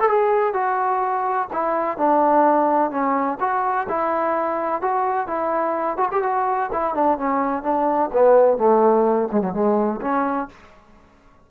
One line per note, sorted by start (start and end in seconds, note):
0.00 0.09 A4
0.09 0.53 G#4
0.53 1.48 F#4
1.52 1.97 E4
1.97 2.91 D4
2.91 3.38 C#4
3.40 3.87 F#4
3.88 4.81 E4
4.81 5.27 F#4
5.27 5.97 E4
5.97 6.09 F#4
6.11 6.23 G4
6.23 6.70 F#4
6.72 6.94 E4
6.94 7.18 D4
7.18 7.63 C#4
7.63 8.10 D4
8.13 8.57 B3
8.57 9.28 A3
9.32 9.41 G#3
9.41 9.53 F#3
9.53 10.00 G#3
10.01 10.48 C#4